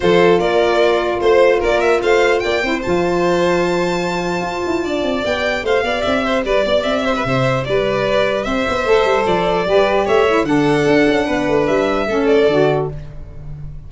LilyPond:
<<
  \new Staff \with { instrumentName = "violin" } { \time 4/4 \tempo 4 = 149 c''4 d''2 c''4 | d''8 e''8 f''4 g''4 a''4~ | a''1~ | a''4 g''4 f''4 e''4 |
d''4 e''2 d''4~ | d''4 e''2 d''4~ | d''4 e''4 fis''2~ | fis''4 e''4. d''4. | }
  \new Staff \with { instrumentName = "violin" } { \time 4/4 a'4 ais'2 c''4 | ais'4 c''4 d''8 c''4.~ | c''1 | d''2 c''8 d''4 c''8 |
b'8 d''4 c''16 b'16 c''4 b'4~ | b'4 c''2. | b'4 cis''4 a'2 | b'2 a'2 | }
  \new Staff \with { instrumentName = "saxophone" } { \time 4/4 f'1~ | f'2~ f'8 e'8 f'4~ | f'1~ | f'4 g'2.~ |
g'1~ | g'2 a'2 | g'4. e'8 d'2~ | d'2 cis'4 fis'4 | }
  \new Staff \with { instrumentName = "tuba" } { \time 4/4 f4 ais2 a4 | ais4 a4 ais8 c'8 f4~ | f2. f'8 e'8 | d'8 c'8 b4 a8 b8 c'4 |
g8 b8 c'4 c4 g4~ | g4 c'8 b8 a8 g8 f4 | g4 a4 d4 d'8 cis'8 | b8 a8 g4 a4 d4 | }
>>